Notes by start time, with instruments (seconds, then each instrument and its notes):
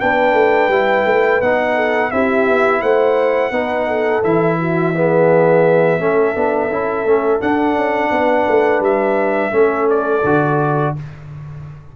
0.00 tuba B3, trombone D4, horn B4, trumpet G5
0.33 tuba A3
0.68 tuba G3, trombone E4
1.05 tuba A3
1.41 tuba B3, trombone D#4, trumpet F#5
1.75 horn A4
2.11 tuba C4, trombone E4, horn G4, trumpet E5
2.47 tuba B3
2.81 tuba A3, horn C5, trumpet F#5
3.51 tuba B3, trombone D#4, horn B4
3.87 horn A4
4.23 tuba E3, trombone E4, trumpet E5
4.60 horn F#4
4.94 trombone B3, horn G#4
5.99 tuba A3, trombone C#4, horn A4
6.34 tuba B3, trombone D4
6.70 tuba C#4, trombone E4
7.05 tuba A3, trombone C#4
7.40 trombone D4, tuba D4, trumpet F#5
7.75 tuba C#4
8.11 tuba B3, horn B4
8.48 tuba A3
8.80 tuba G3, trumpet E5
9.51 tuba A3, trombone C#4, horn A4
9.90 trumpet D5
10.24 tuba D3, trombone F#4